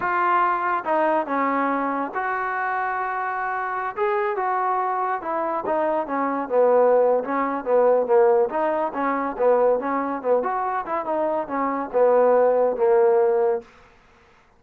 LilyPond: \new Staff \with { instrumentName = "trombone" } { \time 4/4 \tempo 4 = 141 f'2 dis'4 cis'4~ | cis'4 fis'2.~ | fis'4~ fis'16 gis'4 fis'4.~ fis'16~ | fis'16 e'4 dis'4 cis'4 b8.~ |
b4 cis'4 b4 ais4 | dis'4 cis'4 b4 cis'4 | b8 fis'4 e'8 dis'4 cis'4 | b2 ais2 | }